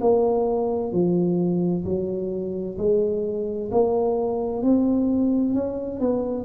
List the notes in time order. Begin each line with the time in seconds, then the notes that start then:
0.00 A#3
0.92 F3
1.84 F#3
2.77 G#3
3.71 A#3
4.62 C4
5.54 C#4
6.00 B3